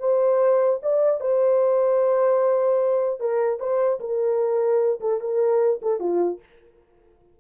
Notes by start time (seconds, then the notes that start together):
0.00 C5
0.83 D5
1.21 C5
3.21 A#4
3.60 C5
4.00 A#4
5.01 A4
5.21 A#4
5.83 A4
6.00 F4